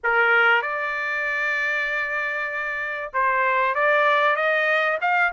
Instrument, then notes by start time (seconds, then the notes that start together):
trumpet
0.03 A#4
0.62 D5
3.12 C5
3.74 D5
4.36 D#5
5.01 F5